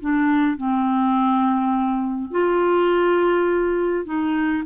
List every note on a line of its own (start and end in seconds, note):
0.00 0.57 D4
0.57 2.31 C4
2.31 4.05 F4
4.05 4.63 D#4